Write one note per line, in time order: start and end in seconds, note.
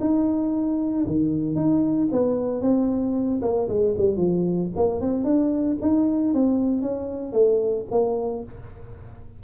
0.00 1.05 D#4
1.06 1.55 D#3
1.55 2.08 D#4
2.11 2.61 B3
2.61 3.40 C4
3.42 3.68 A#3
3.68 3.94 G#3
3.97 4.16 G3
4.16 4.69 F3
4.76 5.00 A#3
5.00 5.24 C4
5.24 5.77 D4
5.81 6.34 D#4
6.34 6.82 C4
6.82 7.33 C#4
7.33 7.85 A3
7.91 8.43 A#3